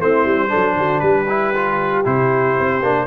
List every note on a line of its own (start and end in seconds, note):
0.00 0.25 A3
0.00 0.49 C4
0.00 0.49 E4
0.00 1.00 C5
0.25 0.50 G3
0.49 1.26 D4
0.49 0.75 A4
0.55 0.76 F#3
0.76 1.02 D3
0.76 1.01 F#4
1.00 2.05 G3
1.00 3.07 G4
1.00 2.03 B4
1.29 1.54 E4
1.55 2.05 F4
2.05 2.57 C3
2.05 2.82 E4
2.05 3.08 C5
2.60 2.83 C4
2.83 3.08 A#3
2.83 3.08 D4